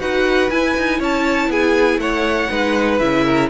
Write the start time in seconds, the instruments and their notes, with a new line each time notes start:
0.00 cello D#4, viola F#4, violin B4 F#5
0.50 cello E4, viola E4, violin G#5
0.77 cello D#4
0.99 cello C#4, violin C#5 A5
1.48 cello B3, violin G#4 G#5
1.98 cello A3, violin C#5 F#5
2.49 cello G#3, viola D#4, violin B4
2.99 cello C#3, viola E4, violin E5
3.25 violin A#4